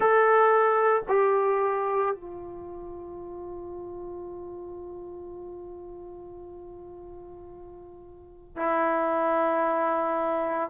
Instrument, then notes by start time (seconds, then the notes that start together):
trombone
0.00 A4
1.08 G4
2.15 F4
8.56 E4